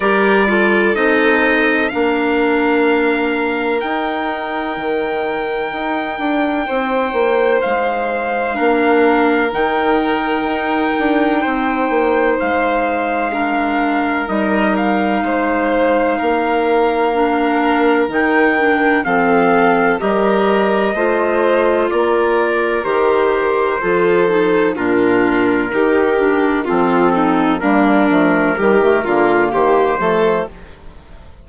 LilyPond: <<
  \new Staff \with { instrumentName = "trumpet" } { \time 4/4 \tempo 4 = 63 d''4 dis''4 f''2 | g''1 | f''2 g''2~ | g''4 f''2 dis''8 f''8~ |
f''2. g''4 | f''4 dis''2 d''4 | c''2 ais'2 | a'4 ais'2 c''4 | }
  \new Staff \with { instrumentName = "violin" } { \time 4/4 ais'8 a'4. ais'2~ | ais'2. c''4~ | c''4 ais'2. | c''2 ais'2 |
c''4 ais'2. | a'4 ais'4 c''4 ais'4~ | ais'4 a'4 f'4 g'4 | f'8 dis'8 d'4 g'8 f'8 g'8 a'8 | }
  \new Staff \with { instrumentName = "clarinet" } { \time 4/4 g'8 f'8 dis'4 d'2 | dis'1~ | dis'4 d'4 dis'2~ | dis'2 d'4 dis'4~ |
dis'2 d'4 dis'8 d'8 | c'4 g'4 f'2 | g'4 f'8 dis'8 d'4 dis'8 d'8 | c'4 ais8 a8 g16 a16 ais4 a8 | }
  \new Staff \with { instrumentName = "bassoon" } { \time 4/4 g4 c'4 ais2 | dis'4 dis4 dis'8 d'8 c'8 ais8 | gis4 ais4 dis4 dis'8 d'8 | c'8 ais8 gis2 g4 |
gis4 ais2 dis4 | f4 g4 a4 ais4 | dis4 f4 ais,4 dis4 | f4 g8 f8 dis8 d8 dis8 f8 | }
>>